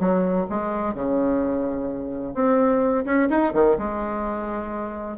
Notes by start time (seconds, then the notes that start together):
0.00 F#3
0.50 G#3
0.95 C#3
2.35 C4
3.05 C#4
3.30 D#4
3.54 D#3
3.78 G#3